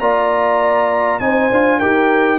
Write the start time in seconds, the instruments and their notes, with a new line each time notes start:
0.00 tuba A#3, trombone F4, horn D5, trumpet A#5
1.20 tuba C4, trombone D#4, horn C5, trumpet G#5
1.51 tuba D4, trombone F4
1.79 tuba D#4, trombone G4, horn A#4, trumpet G5